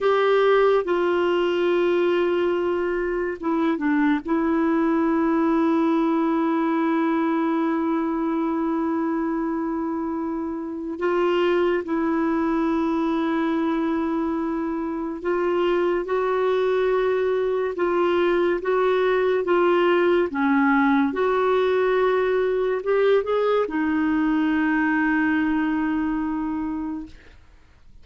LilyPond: \new Staff \with { instrumentName = "clarinet" } { \time 4/4 \tempo 4 = 71 g'4 f'2. | e'8 d'8 e'2.~ | e'1~ | e'4 f'4 e'2~ |
e'2 f'4 fis'4~ | fis'4 f'4 fis'4 f'4 | cis'4 fis'2 g'8 gis'8 | dis'1 | }